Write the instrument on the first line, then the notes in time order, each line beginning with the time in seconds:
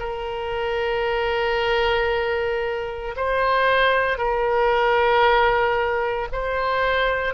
oboe
0.00 A#4
3.17 C5
4.18 A#4
6.33 C5